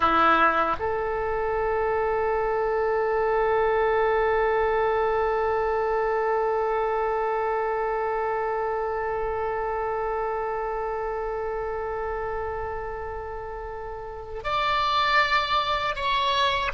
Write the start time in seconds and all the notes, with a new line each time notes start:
0.00 E4
0.79 A4
14.43 D5
15.95 C#5